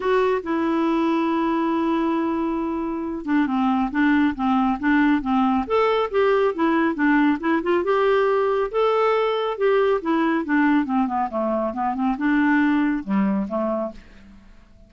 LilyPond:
\new Staff \with { instrumentName = "clarinet" } { \time 4/4 \tempo 4 = 138 fis'4 e'2.~ | e'2.~ e'8 d'8 | c'4 d'4 c'4 d'4 | c'4 a'4 g'4 e'4 |
d'4 e'8 f'8 g'2 | a'2 g'4 e'4 | d'4 c'8 b8 a4 b8 c'8 | d'2 g4 a4 | }